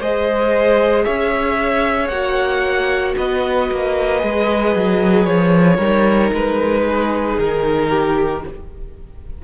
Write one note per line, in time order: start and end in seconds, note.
0.00 1.06 G#3
0.00 2.12 G#4
0.00 1.05 C5
0.00 1.05 D#5
1.05 2.09 C#4
1.05 3.16 C#5
1.05 2.08 E5
2.08 3.15 A#3
2.08 4.20 F#4
2.08 3.14 F#5
3.18 3.71 B3
3.18 5.77 B4
3.18 5.26 D#5
3.71 4.23 A#3
4.20 4.76 G#3
4.20 5.77 G#4
4.76 5.27 F#3
5.26 5.79 F3
5.26 6.31 C#5
5.77 6.31 G3
5.77 8.44 D#4
5.77 6.82 A#4
6.33 7.38 G#3
6.33 7.39 B4
6.88 7.90 G#4
7.39 8.44 D#3
7.39 8.45 A#4
7.90 8.42 G4